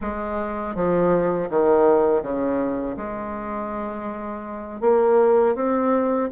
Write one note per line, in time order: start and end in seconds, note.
0.01 0.75 G#3
0.75 1.49 F3
1.50 2.22 D#3
2.22 2.96 C#3
2.96 4.80 G#3
4.80 5.55 A#3
5.55 6.29 C4